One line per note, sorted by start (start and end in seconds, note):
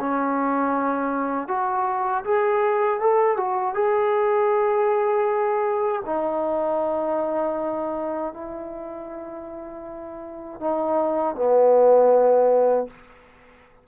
0.00 1.48 C#4
1.48 2.24 F#4
2.24 3.00 G#4
3.00 3.37 A4
3.37 3.75 F#4
3.75 6.02 G#4
6.06 8.34 D#4
8.34 10.60 E4
10.60 11.35 D#4
11.35 12.87 B3